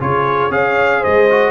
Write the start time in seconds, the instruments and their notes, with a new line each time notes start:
0.00 tuba C#3, trombone F4, horn G#4, trumpet C#5
0.50 tuba C#4, trombone G#4, horn C#5, trumpet F5
1.01 tuba G#3, horn C5, trumpet D#5
1.30 trombone F#4